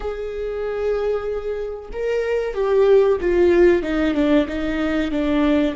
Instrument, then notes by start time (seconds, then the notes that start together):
viola
0.00 G#4
1.93 A#4
2.54 G4
3.20 F4
3.82 D#4
4.14 D4
4.47 D#4
5.11 D4